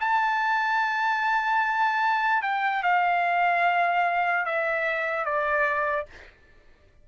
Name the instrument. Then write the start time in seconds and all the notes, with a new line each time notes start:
trumpet
0.00 A5
2.42 G5
2.83 F5
4.45 E5
5.24 D5